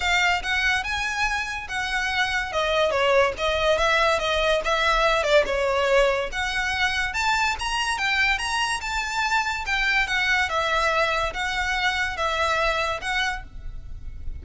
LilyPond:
\new Staff \with { instrumentName = "violin" } { \time 4/4 \tempo 4 = 143 f''4 fis''4 gis''2 | fis''2 dis''4 cis''4 | dis''4 e''4 dis''4 e''4~ | e''8 d''8 cis''2 fis''4~ |
fis''4 a''4 ais''4 g''4 | ais''4 a''2 g''4 | fis''4 e''2 fis''4~ | fis''4 e''2 fis''4 | }